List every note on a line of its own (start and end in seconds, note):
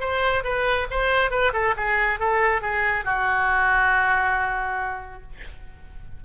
0.00 0.43 C5
0.44 0.87 B4
0.91 1.30 C5
1.30 1.52 B4
1.53 1.75 A4
1.77 2.20 G#4
2.20 2.62 A4
2.62 3.05 G#4
3.05 5.22 F#4